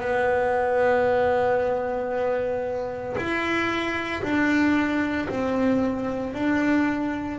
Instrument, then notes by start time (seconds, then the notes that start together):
double bass
0.00 B3
3.17 E4
4.23 D4
5.29 C4
6.34 D4